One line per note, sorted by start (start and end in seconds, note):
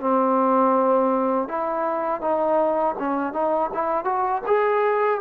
0.00 1.48 C4
1.48 2.21 E4
2.21 2.95 D#4
2.99 3.33 C#4
3.33 3.70 D#4
3.74 4.05 E4
4.05 4.42 F#4
4.46 5.21 G#4